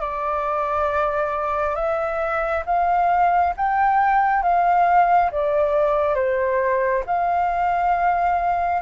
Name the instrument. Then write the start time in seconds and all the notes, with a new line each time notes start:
flute
0.00 D5
1.75 E5
2.66 F5
3.56 G5
4.42 F5
5.31 D5
6.15 C5
7.06 F5